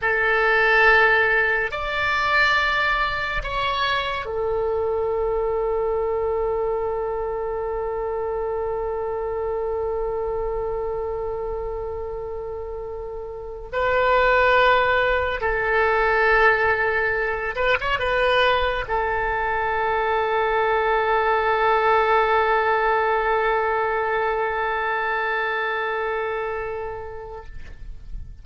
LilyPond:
\new Staff \with { instrumentName = "oboe" } { \time 4/4 \tempo 4 = 70 a'2 d''2 | cis''4 a'2.~ | a'1~ | a'1 |
b'2 a'2~ | a'8 b'16 cis''16 b'4 a'2~ | a'1~ | a'1 | }